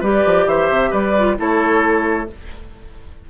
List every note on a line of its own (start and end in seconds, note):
0.00 0.24 G3
0.00 1.16 G4
0.00 0.45 B4
0.00 0.48 D5
0.25 0.46 F3
0.46 0.69 E3
0.46 0.90 C5
0.46 0.92 E5
0.70 0.92 C3
0.90 1.38 G3
0.90 1.35 B4
0.90 1.37 D5
1.18 1.37 F4
1.37 2.30 A3
1.37 2.27 E4
1.37 2.29 A4
1.37 2.30 C#5